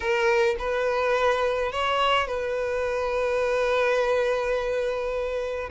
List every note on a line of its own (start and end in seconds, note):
0.00 0.56 A#4
0.58 1.72 B4
1.72 2.27 C#5
2.27 5.70 B4